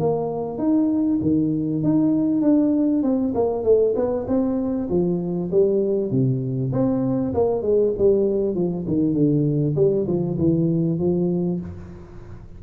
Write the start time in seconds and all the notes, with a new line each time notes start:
0.00 A#3
0.58 D#4
1.22 D#3
1.83 D#4
2.42 D4
3.03 C4
3.35 A#3
3.64 A3
3.96 B3
4.28 C4
4.89 F3
5.52 G3
6.11 C3
6.73 C4
7.34 A#3
7.62 G#3
7.98 G3
8.55 F3
8.88 D#3
9.14 D3
9.76 G3
10.07 F3
10.38 E3
10.99 F3